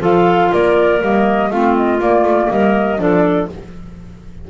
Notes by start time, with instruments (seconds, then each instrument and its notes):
0.00 double bass F3, clarinet F4 A4, flute F5
0.52 double bass A#3, clarinet A#4, flute D5
1.01 double bass G3, clarinet A#3, flute D#5
1.50 double bass A3, clarinet C4 F4, flute F5
1.76 flute D#5
1.99 clarinet A#3, double bass A#3, flute D5
2.23 double bass A3
2.50 double bass G3, clarinet A#4, flute D#5
2.98 double bass F3, clarinet D4 A4, flute D5